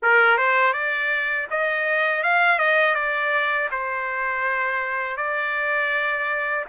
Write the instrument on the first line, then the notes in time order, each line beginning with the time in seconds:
trumpet
0.02 A#4
0.37 C5
0.73 D5
1.50 D#5
2.23 F5
2.59 D#5
2.94 D5
3.71 C5
5.16 D5